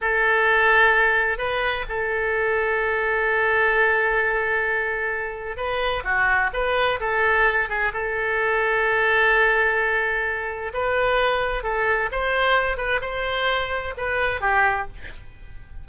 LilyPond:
\new Staff \with { instrumentName = "oboe" } { \time 4/4 \tempo 4 = 129 a'2. b'4 | a'1~ | a'1 | b'4 fis'4 b'4 a'4~ |
a'8 gis'8 a'2.~ | a'2. b'4~ | b'4 a'4 c''4. b'8 | c''2 b'4 g'4 | }